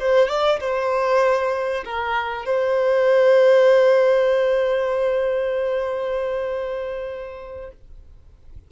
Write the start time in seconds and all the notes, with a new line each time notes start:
0.00 C5
0.29 D5
0.61 C5
1.85 A#4
2.46 C5